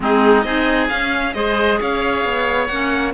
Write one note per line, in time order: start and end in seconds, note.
0.00 0.44 G#3
0.00 0.44 C4
0.00 0.45 D#4
0.00 0.42 G#4
0.42 0.89 C4
0.42 0.89 D#4
0.42 1.34 G#4
0.42 0.87 D#5
0.89 1.34 C#4
0.89 1.33 F5
1.33 1.79 G#3
1.33 2.69 G#4
1.33 1.80 C5
1.33 1.78 D#5
1.80 2.24 C#4
1.80 3.13 C#5
1.80 2.66 F5
2.24 2.69 B3
2.66 3.13 A#3
2.66 3.13 C#4
2.66 3.11 F#5